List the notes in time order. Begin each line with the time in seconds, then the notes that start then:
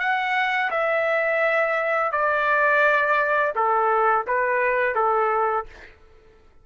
0.00 F#5
0.71 E5
2.12 D5
3.56 A4
4.27 B4
4.96 A4